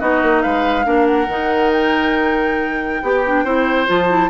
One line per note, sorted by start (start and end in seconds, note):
0.00 0.23 B3
0.00 0.85 D#4
0.00 0.43 F#4
0.00 0.42 D#5
0.23 0.44 A#3
0.42 0.86 G#3
0.42 0.86 B4
0.42 1.07 F5
0.85 1.28 A#3
0.85 1.28 D4
0.85 3.02 A#4
1.07 1.72 F#5
1.28 3.01 D#3
1.28 3.04 D#4
1.73 3.89 G5
3.03 3.45 B3
3.03 3.25 G4
3.03 3.45 G4
3.27 3.46 D4
3.45 3.88 C4
3.45 3.87 E4
3.45 4.30 C5
3.87 4.30 F3
3.87 4.08 F4
3.87 4.30 A5
4.09 4.30 E4